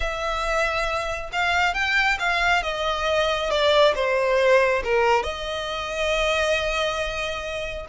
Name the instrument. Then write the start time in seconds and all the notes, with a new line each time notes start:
violin
0.00 E5
1.32 F5
1.74 G5
2.19 F5
2.62 D#5
3.50 D5
3.95 C5
4.84 A#4
5.23 D#5